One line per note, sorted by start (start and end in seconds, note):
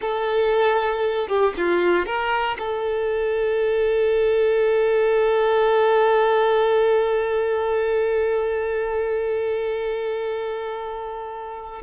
0.01 1.28 A4
1.28 1.53 G4
1.57 2.06 F4
2.06 2.57 A#4
2.59 11.82 A4